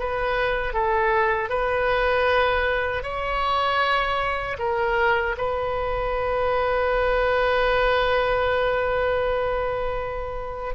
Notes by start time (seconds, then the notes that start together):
0.00 B4
0.74 A4
1.50 B4
3.04 C#5
4.59 A#4
5.38 B4